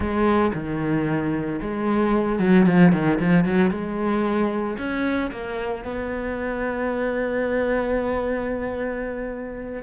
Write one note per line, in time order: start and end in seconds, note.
0.00 0.51 G#3
0.54 1.60 D#3
1.61 2.39 G#3
2.39 2.65 F#3
2.65 2.92 F3
2.92 3.19 D#3
3.19 3.45 F3
3.45 3.70 F#3
3.70 4.77 G#3
4.77 5.30 C#4
5.31 5.84 A#3
5.84 9.82 B3